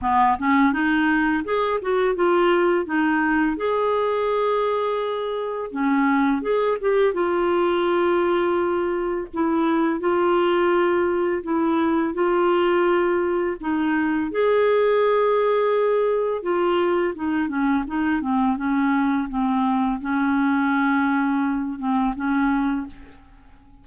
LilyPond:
\new Staff \with { instrumentName = "clarinet" } { \time 4/4 \tempo 4 = 84 b8 cis'8 dis'4 gis'8 fis'8 f'4 | dis'4 gis'2. | cis'4 gis'8 g'8 f'2~ | f'4 e'4 f'2 |
e'4 f'2 dis'4 | gis'2. f'4 | dis'8 cis'8 dis'8 c'8 cis'4 c'4 | cis'2~ cis'8 c'8 cis'4 | }